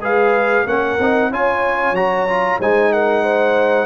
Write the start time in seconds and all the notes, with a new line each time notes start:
0.00 G#3 G#4 B4 F5
0.66 A#3 C#4 A#4 F#5
0.99 C4 D#4
1.30 C#4 F4 C#5 G#5
1.92 F#3 F#4 A#5
2.28 F4
2.59 G#3 D#4 C5 G#5
2.92 A#4 F#5
3.22 C5